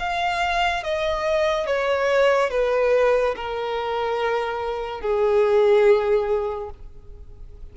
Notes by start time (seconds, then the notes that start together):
0.00 F5
0.84 D#5
1.67 C#5
2.51 B4
3.36 A#4
5.01 G#4